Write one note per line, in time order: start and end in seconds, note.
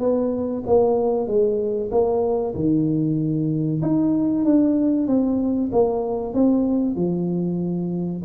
0.00 0.63 B3
0.67 1.27 A#3
1.27 1.90 G#3
1.91 2.54 A#3
2.55 3.81 D#3
3.82 4.45 D#4
4.45 5.07 D4
5.07 5.70 C4
5.72 6.34 A#3
6.34 6.96 C4
6.96 8.22 F3